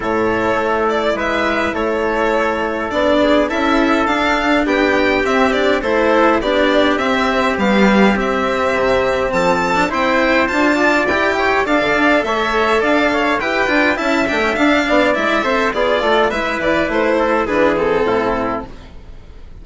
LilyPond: <<
  \new Staff \with { instrumentName = "violin" } { \time 4/4 \tempo 4 = 103 cis''4. d''8 e''4 cis''4~ | cis''4 d''4 e''4 f''4 | g''4 e''8 d''8 c''4 d''4 | e''4 f''4 e''2 |
a''4 g''4 a''4 g''4 | f''4 e''4 f''4 g''4 | a''8 g''8 f''4 e''4 d''4 | e''8 d''8 c''4 b'8 a'4. | }
  \new Staff \with { instrumentName = "trumpet" } { \time 4/4 a'2 b'4 a'4~ | a'4. gis'8 a'2 | g'2 a'4 g'4~ | g'1 |
a'4 c''4. d''4 cis''8 | d''4 cis''4 d''8 cis''8 b'4 | e''4. d''4 c''8 gis'8 a'8 | b'4. a'8 gis'4 e'4 | }
  \new Staff \with { instrumentName = "cello" } { \time 4/4 e'1~ | e'4 d'4 e'4 d'4~ | d'4 c'8 d'8 e'4 d'4 | c'4 g4 c'2~ |
c'8. d'16 e'4 f'4 g'4 | a'2. g'8 f'8 | e'8 d'16 cis'16 d'4 e'8 a'8 f'4 | e'2 d'8 c'4. | }
  \new Staff \with { instrumentName = "bassoon" } { \time 4/4 a,4 a4 gis4 a4~ | a4 b4 cis'4 d'4 | b4 c'4 a4 b4 | c'4 b4 c'4 c4 |
f4 c'4 d'4 e'4 | d'16 d16 d'8 a4 d'4 e'8 d'8 | cis'8 a8 d'8 b8 gis8 c'8 b8 a8 | gis8 e8 a4 e4 a,4 | }
>>